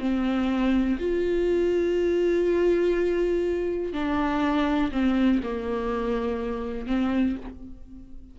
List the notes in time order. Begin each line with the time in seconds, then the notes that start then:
0.00 C4
0.99 F4
3.93 D4
4.92 C4
5.43 A#3
6.87 C4